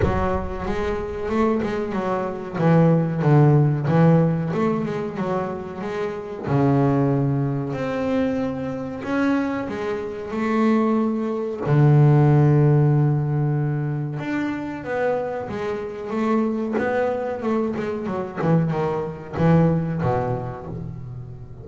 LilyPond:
\new Staff \with { instrumentName = "double bass" } { \time 4/4 \tempo 4 = 93 fis4 gis4 a8 gis8 fis4 | e4 d4 e4 a8 gis8 | fis4 gis4 cis2 | c'2 cis'4 gis4 |
a2 d2~ | d2 d'4 b4 | gis4 a4 b4 a8 gis8 | fis8 e8 dis4 e4 b,4 | }